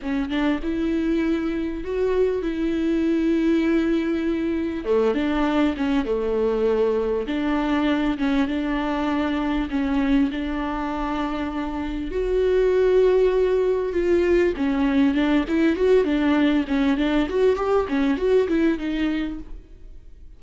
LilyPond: \new Staff \with { instrumentName = "viola" } { \time 4/4 \tempo 4 = 99 cis'8 d'8 e'2 fis'4 | e'1 | a8 d'4 cis'8 a2 | d'4. cis'8 d'2 |
cis'4 d'2. | fis'2. f'4 | cis'4 d'8 e'8 fis'8 d'4 cis'8 | d'8 fis'8 g'8 cis'8 fis'8 e'8 dis'4 | }